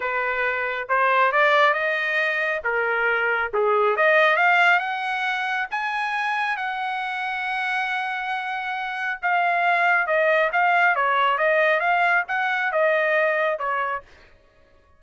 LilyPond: \new Staff \with { instrumentName = "trumpet" } { \time 4/4 \tempo 4 = 137 b'2 c''4 d''4 | dis''2 ais'2 | gis'4 dis''4 f''4 fis''4~ | fis''4 gis''2 fis''4~ |
fis''1~ | fis''4 f''2 dis''4 | f''4 cis''4 dis''4 f''4 | fis''4 dis''2 cis''4 | }